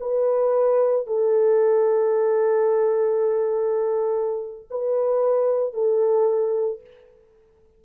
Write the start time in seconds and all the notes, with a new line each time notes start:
0.00 B4
1.07 A4
4.70 B4
5.74 A4